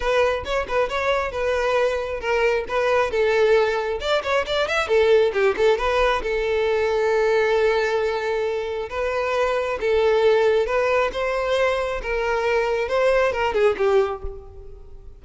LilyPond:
\new Staff \with { instrumentName = "violin" } { \time 4/4 \tempo 4 = 135 b'4 cis''8 b'8 cis''4 b'4~ | b'4 ais'4 b'4 a'4~ | a'4 d''8 cis''8 d''8 e''8 a'4 | g'8 a'8 b'4 a'2~ |
a'1 | b'2 a'2 | b'4 c''2 ais'4~ | ais'4 c''4 ais'8 gis'8 g'4 | }